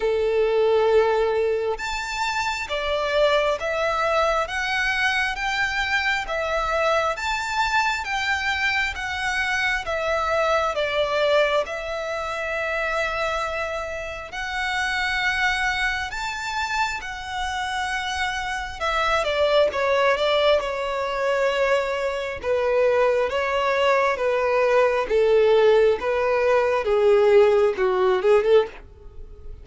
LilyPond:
\new Staff \with { instrumentName = "violin" } { \time 4/4 \tempo 4 = 67 a'2 a''4 d''4 | e''4 fis''4 g''4 e''4 | a''4 g''4 fis''4 e''4 | d''4 e''2. |
fis''2 a''4 fis''4~ | fis''4 e''8 d''8 cis''8 d''8 cis''4~ | cis''4 b'4 cis''4 b'4 | a'4 b'4 gis'4 fis'8 gis'16 a'16 | }